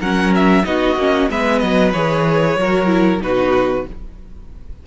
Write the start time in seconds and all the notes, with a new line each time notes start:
0.00 F#3 C#4 A#4 F#5
0.36 E5
0.64 B3 D#4 F#4 D#5
0.97 A#3 C#4
1.30 G#3 B3 B4 E5
1.59 F#3 D#5
1.93 E3 G#4 C#5
2.57 F#3 F#4 A#4
2.87 E4
3.21 B2 D#4 F#4 B4